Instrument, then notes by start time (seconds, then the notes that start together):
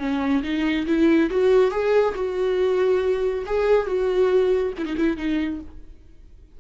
viola
0.00 C#4
0.43 D#4
0.87 E4
1.31 F#4
1.71 G#4
2.15 F#4
3.46 G#4
3.87 F#4
4.78 E4
4.86 D#4
4.97 E4
5.17 D#4